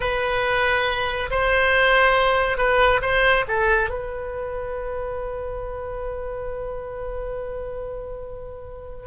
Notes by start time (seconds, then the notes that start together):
0.00 B4
1.30 C5
2.57 B4
3.01 C5
3.48 A4
3.89 B4